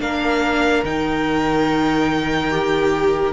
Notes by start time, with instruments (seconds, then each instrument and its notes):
0.00 cello A#3, viola D4, violin A#4 F5
0.84 cello D#3, viola D#4, violin G5
2.50 viola G4